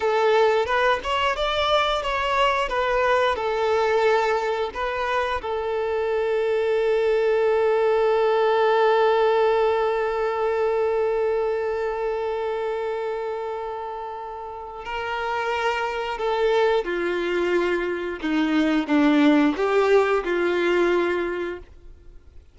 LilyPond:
\new Staff \with { instrumentName = "violin" } { \time 4/4 \tempo 4 = 89 a'4 b'8 cis''8 d''4 cis''4 | b'4 a'2 b'4 | a'1~ | a'1~ |
a'1~ | a'2 ais'2 | a'4 f'2 dis'4 | d'4 g'4 f'2 | }